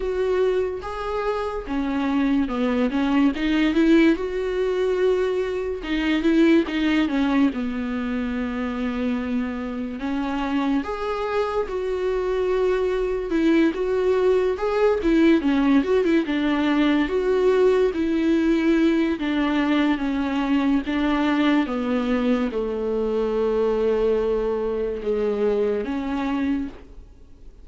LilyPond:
\new Staff \with { instrumentName = "viola" } { \time 4/4 \tempo 4 = 72 fis'4 gis'4 cis'4 b8 cis'8 | dis'8 e'8 fis'2 dis'8 e'8 | dis'8 cis'8 b2. | cis'4 gis'4 fis'2 |
e'8 fis'4 gis'8 e'8 cis'8 fis'16 e'16 d'8~ | d'8 fis'4 e'4. d'4 | cis'4 d'4 b4 a4~ | a2 gis4 cis'4 | }